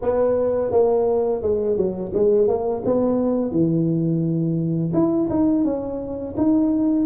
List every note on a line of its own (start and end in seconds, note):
0.01 0.71 B3
0.71 1.41 A#3
1.41 1.76 G#3
1.76 2.12 F#3
2.14 2.47 G#3
2.47 2.82 A#3
2.85 3.51 B3
3.51 4.92 E3
4.93 5.28 E4
5.29 5.64 D#4
5.64 6.35 C#4
6.37 7.06 D#4